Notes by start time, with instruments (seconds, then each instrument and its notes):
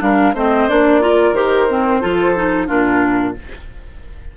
0.00 bassoon G3, clarinet D4, oboe A#4, flute F5
0.33 bassoon A3, clarinet C4, oboe C5, flute D#5
0.69 bassoon A#3, clarinet D4, flute D5
1.01 clarinet F4, oboe A#4
1.32 bassoon D#3, clarinet G4, flute C5
1.69 clarinet C4
2.01 bassoon F3, clarinet F4, oboe A4
2.36 clarinet D#4
2.67 bassoon A#2, clarinet D4, oboe F4, flute A#4